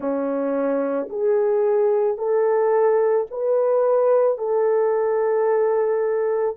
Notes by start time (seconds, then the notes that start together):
0.00 C#4
1.09 G#4
2.17 A4
3.30 B4
4.38 A4